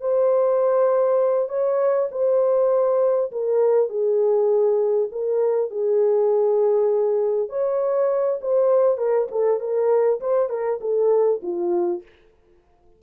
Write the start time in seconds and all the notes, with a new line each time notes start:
0.00 C5
1.48 C#5
2.11 C5
3.31 A#4
3.89 G#4
5.11 A#4
5.70 G#4
7.49 C#5
8.41 C5
8.97 A#4
9.31 A4
9.60 A#4
10.20 C5
10.49 A#4
10.80 A4
11.42 F4